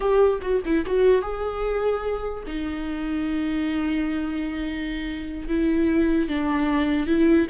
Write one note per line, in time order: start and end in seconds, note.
0.00 0.39 G4
0.41 0.61 F#4
0.65 0.85 E4
0.86 1.22 F#4
1.22 2.43 G#4
2.47 5.48 D#4
5.48 6.28 E4
6.28 7.06 D4
7.06 7.47 E4